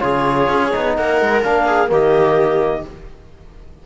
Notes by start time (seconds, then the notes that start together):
0.00 C#3 F4 G#4 C#5
0.49 C#4
0.72 B3 D#4
0.96 A#3 A#4 F#5
1.21 G#3
1.42 A#3 D4 F5
1.66 G#4
1.87 D#3 A#3 G4 D#5